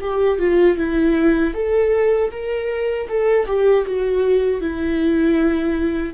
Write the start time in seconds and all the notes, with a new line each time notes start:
0.00 G4
0.38 F4
0.77 E4
1.53 A4
2.30 A#4
3.08 A4
3.46 G4
3.85 F#4
4.60 E4